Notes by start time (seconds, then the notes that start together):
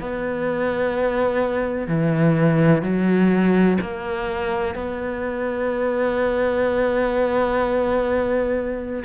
0.00 B3
1.87 E3
2.82 F#3
3.81 A#3
4.75 B3